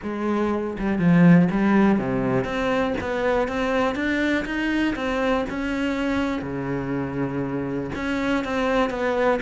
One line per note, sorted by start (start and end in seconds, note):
0.02 0.77 G#3
0.78 0.98 G3
0.98 1.48 F3
1.51 1.98 G3
1.98 2.44 C3
2.44 2.94 C4
3.00 3.48 B3
3.48 3.95 C4
3.95 4.44 D4
4.45 4.95 D#4
4.95 5.45 C4
5.49 6.41 C#4
6.41 7.90 C#3
7.95 8.44 C#4
8.44 8.90 C4
8.90 9.39 B3